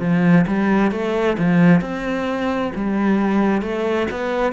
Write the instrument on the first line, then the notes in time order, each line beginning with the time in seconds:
cello
0.00 F3
0.48 G3
0.92 A3
1.39 F3
1.81 C4
2.75 G3
3.62 A3
4.11 B3